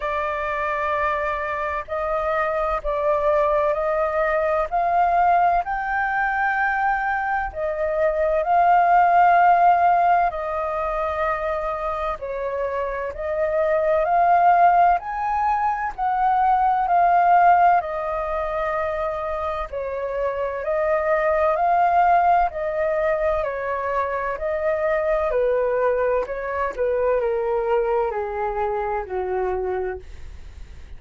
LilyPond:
\new Staff \with { instrumentName = "flute" } { \time 4/4 \tempo 4 = 64 d''2 dis''4 d''4 | dis''4 f''4 g''2 | dis''4 f''2 dis''4~ | dis''4 cis''4 dis''4 f''4 |
gis''4 fis''4 f''4 dis''4~ | dis''4 cis''4 dis''4 f''4 | dis''4 cis''4 dis''4 b'4 | cis''8 b'8 ais'4 gis'4 fis'4 | }